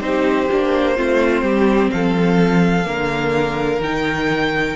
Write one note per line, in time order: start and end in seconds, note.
0.00 0.48 C4
0.00 0.48 D#4
0.00 0.97 G4
0.00 1.90 C5
0.51 0.98 A#3
0.51 0.95 D4
0.95 1.42 A3
0.95 2.84 C4
0.95 1.44 F4
1.42 1.90 G3
1.42 1.91 G4
1.91 2.86 F3
1.91 2.87 A4
1.91 3.82 F5
2.84 3.79 D3
2.84 3.79 A#3
2.84 4.76 A#4
3.79 4.74 D#3
3.79 4.76 D#4
3.79 4.76 G5